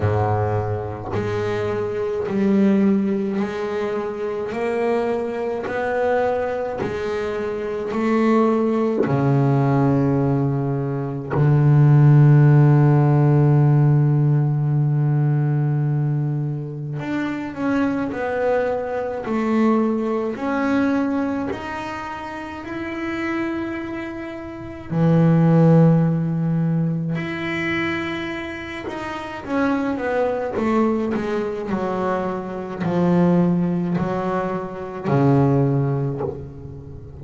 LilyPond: \new Staff \with { instrumentName = "double bass" } { \time 4/4 \tempo 4 = 53 gis,4 gis4 g4 gis4 | ais4 b4 gis4 a4 | cis2 d2~ | d2. d'8 cis'8 |
b4 a4 cis'4 dis'4 | e'2 e2 | e'4. dis'8 cis'8 b8 a8 gis8 | fis4 f4 fis4 cis4 | }